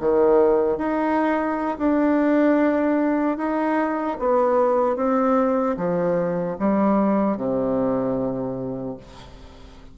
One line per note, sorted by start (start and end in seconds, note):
0.00 0.77 D#3
0.77 1.77 D#4
1.78 3.37 D4
3.37 4.17 D#4
4.19 4.96 B3
4.96 5.76 C4
5.77 6.57 F3
6.59 7.37 G3
7.37 8.97 C3